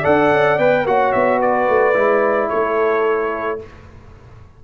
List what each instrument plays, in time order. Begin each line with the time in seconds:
0.00 trombone A4, horn D5, trumpet F#5
0.06 tuba D4
0.31 tuba C#4
0.58 tuba B3, trombone B4, trumpet G5
0.86 tuba A#3, trombone F#4, horn C#5, trumpet F#5
1.13 tuba B3, trumpet E5
1.39 horn B4, trumpet D5
1.69 tuba A3
1.94 tuba G#3, trombone E4
2.49 tuba A3, horn A4, trumpet C#5